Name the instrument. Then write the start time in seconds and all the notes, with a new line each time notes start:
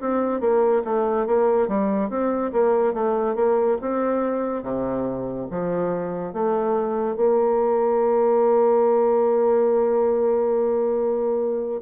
bassoon
0.00 C4
0.40 A#3
0.84 A3
1.26 A#3
1.68 G3
2.09 C4
2.52 A#3
2.93 A3
3.35 A#3
3.81 C4
4.63 C3
5.50 F3
6.33 A3
7.16 A#3